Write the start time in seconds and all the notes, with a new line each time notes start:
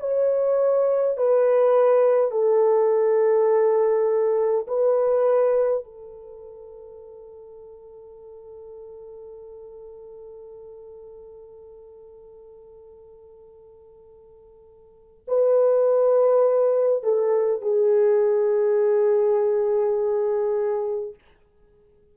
0.00 C#5
1.18 B4
2.32 A4
4.68 B4
5.84 A4
15.28 B4
17.04 A4
17.62 G#4